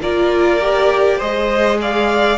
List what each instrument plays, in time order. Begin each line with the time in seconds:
0.00 cello A#3, viola F4, violin A#4 D5
0.59 viola G4
1.17 cello G#3, viola G#4, violin C5 D#5
1.81 violin D5 F5